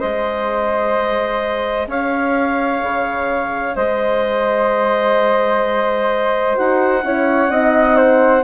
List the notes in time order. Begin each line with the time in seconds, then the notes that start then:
0.00 G#3 G#4 C5 D#5
1.87 C#4 C#5 F5
2.83 C#3
3.76 G#3 C5 D#5
6.55 D#4 F#4 F#5
7.04 C#4 E4 C#5
7.50 C4 D#4 D#5
7.97 C5